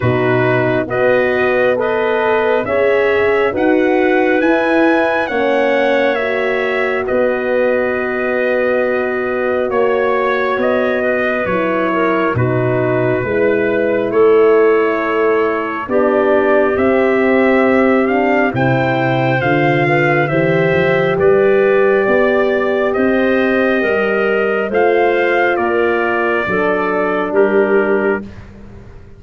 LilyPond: <<
  \new Staff \with { instrumentName = "trumpet" } { \time 4/4 \tempo 4 = 68 b'4 dis''4 b'4 e''4 | fis''4 gis''4 fis''4 e''4 | dis''2. cis''4 | dis''4 cis''4 b'2 |
cis''2 d''4 e''4~ | e''8 f''8 g''4 f''4 e''4 | d''2 dis''2 | f''4 d''2 ais'4 | }
  \new Staff \with { instrumentName = "clarinet" } { \time 4/4 fis'4 b'4 dis''4 cis''4 | b'2 cis''2 | b'2. cis''4~ | cis''8 b'4 ais'8 fis'4 b'4 |
a'2 g'2~ | g'4 c''4. b'8 c''4 | b'4 d''4 c''4 ais'4 | c''4 ais'4 a'4 g'4 | }
  \new Staff \with { instrumentName = "horn" } { \time 4/4 dis'4 fis'4 a'4 gis'4 | fis'4 e'4 cis'4 fis'4~ | fis'1~ | fis'4 e'4 dis'4 e'4~ |
e'2 d'4 c'4~ | c'8 d'8 e'4 f'4 g'4~ | g'1 | f'2 d'2 | }
  \new Staff \with { instrumentName = "tuba" } { \time 4/4 b,4 b2 cis'4 | dis'4 e'4 ais2 | b2. ais4 | b4 fis4 b,4 gis4 |
a2 b4 c'4~ | c'4 c4 d4 e8 f8 | g4 b4 c'4 g4 | a4 ais4 fis4 g4 | }
>>